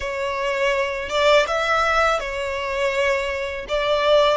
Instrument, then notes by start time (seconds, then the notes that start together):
violin
0.00 C#5
1.09 D5
1.47 E5
2.20 C#5
3.68 D5